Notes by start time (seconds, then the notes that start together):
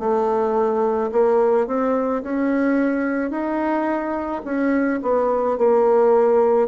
0.00 A3
1.12 A#3
1.68 C4
2.23 C#4
3.31 D#4
4.45 C#4
5.03 B3
5.58 A#3